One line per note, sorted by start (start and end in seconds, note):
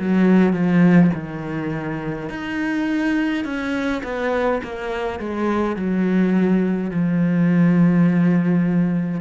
0.00 0.53 F#3
0.53 1.11 F3
1.15 2.30 D#3
2.30 3.45 D#4
3.45 4.03 C#4
4.04 4.62 B3
4.64 5.20 A#3
5.20 5.77 G#3
5.77 6.91 F#3
6.91 9.21 F3